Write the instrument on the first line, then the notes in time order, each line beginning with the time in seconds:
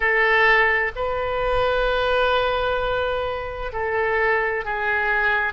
oboe
0.00 A4
0.95 B4
3.72 A4
4.64 G#4